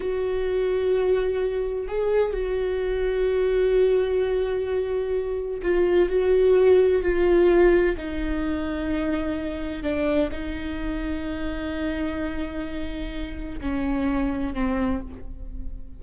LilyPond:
\new Staff \with { instrumentName = "viola" } { \time 4/4 \tempo 4 = 128 fis'1 | gis'4 fis'2.~ | fis'1 | f'4 fis'2 f'4~ |
f'4 dis'2.~ | dis'4 d'4 dis'2~ | dis'1~ | dis'4 cis'2 c'4 | }